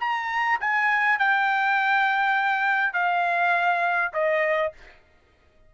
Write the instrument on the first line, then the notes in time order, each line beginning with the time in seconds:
trumpet
0.00 A#5
0.60 G#5
1.19 G5
2.94 F5
4.13 D#5